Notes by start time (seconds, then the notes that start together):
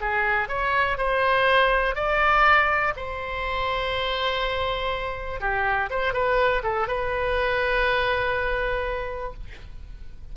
0.00 G#4
0.48 C#5
0.97 C5
1.95 D5
2.96 C5
5.40 G4
5.90 C5
6.13 B4
6.63 A4
6.87 B4